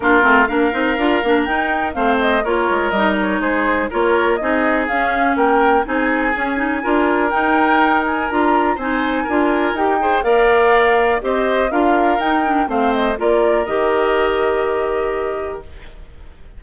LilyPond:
<<
  \new Staff \with { instrumentName = "flute" } { \time 4/4 \tempo 4 = 123 ais'4 f''2 g''4 | f''8 dis''8 cis''4 dis''8 cis''8 c''4 | cis''4 dis''4 f''4 g''4 | gis''2. g''4~ |
g''8 gis''8 ais''4 gis''2 | g''4 f''2 dis''4 | f''4 g''4 f''8 dis''8 d''4 | dis''1 | }
  \new Staff \with { instrumentName = "oboe" } { \time 4/4 f'4 ais'2. | c''4 ais'2 gis'4 | ais'4 gis'2 ais'4 | gis'2 ais'2~ |
ais'2 c''4 ais'4~ | ais'8 c''8 d''2 c''4 | ais'2 c''4 ais'4~ | ais'1 | }
  \new Staff \with { instrumentName = "clarinet" } { \time 4/4 d'8 c'8 d'8 dis'8 f'8 d'8 dis'4 | c'4 f'4 dis'2 | f'4 dis'4 cis'2 | dis'4 cis'8 dis'8 f'4 dis'4~ |
dis'4 f'4 dis'4 f'4 | g'8 gis'8 ais'2 g'4 | f'4 dis'8 d'8 c'4 f'4 | g'1 | }
  \new Staff \with { instrumentName = "bassoon" } { \time 4/4 ais8 a8 ais8 c'8 d'8 ais8 dis'4 | a4 ais8 gis8 g4 gis4 | ais4 c'4 cis'4 ais4 | c'4 cis'4 d'4 dis'4~ |
dis'4 d'4 c'4 d'4 | dis'4 ais2 c'4 | d'4 dis'4 a4 ais4 | dis1 | }
>>